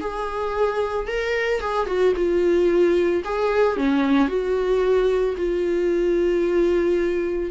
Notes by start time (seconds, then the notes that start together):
0.00 G#4
1.07 A#4
1.60 G#4
1.86 F#4
2.16 F4
3.24 G#4
3.76 C#4
4.28 F#4
5.37 F4